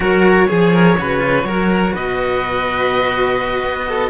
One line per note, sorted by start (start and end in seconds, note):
0.00 0.46 F#3
0.00 0.47 F#4
0.00 0.48 A#4
0.00 1.95 C#5
0.47 0.98 F3
0.47 0.96 G#4
0.47 0.73 G#4
0.73 0.97 A#4
0.98 1.44 C#3
0.98 1.18 F#4
0.98 1.46 B4
1.18 1.43 F4
1.44 1.92 F#3
1.44 4.10 F#4
1.44 1.93 A#4
1.93 3.63 B2
1.93 3.87 B4
1.93 4.10 D#5
3.63 4.10 B3
3.88 4.10 A4